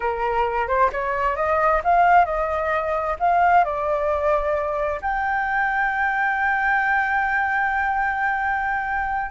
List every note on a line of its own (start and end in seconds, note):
0.00 0.67 A#4
0.67 0.90 C5
0.92 1.36 C#5
1.36 1.81 D#5
1.83 2.25 F5
2.25 3.15 D#5
3.19 3.64 F5
3.64 5.00 D5
5.01 9.31 G5